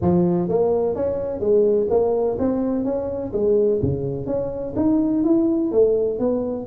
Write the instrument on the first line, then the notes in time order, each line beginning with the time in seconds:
tuba
0.01 F3
0.48 A#3
0.95 C#4
1.39 G#3
1.90 A#3
2.39 C4
2.84 C#4
3.32 G#3
3.82 C#3
4.26 C#4
4.76 D#4
5.24 E4
5.71 A3
6.19 B3